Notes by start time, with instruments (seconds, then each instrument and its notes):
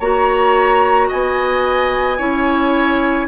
0.00 bassoon A#3, clarinet F#4, oboe C#5, flute A#5
1.09 bassoon B3, oboe D#5, flute G#5
2.18 bassoon C#4, clarinet E4, oboe C#5